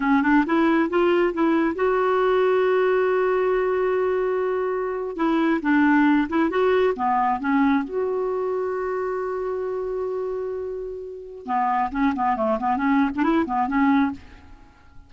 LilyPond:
\new Staff \with { instrumentName = "clarinet" } { \time 4/4 \tempo 4 = 136 cis'8 d'8 e'4 f'4 e'4 | fis'1~ | fis'2.~ fis'8. e'16~ | e'8. d'4. e'8 fis'4 b16~ |
b8. cis'4 fis'2~ fis'16~ | fis'1~ | fis'2 b4 cis'8 b8 | a8 b8 cis'8. d'16 e'8 b8 cis'4 | }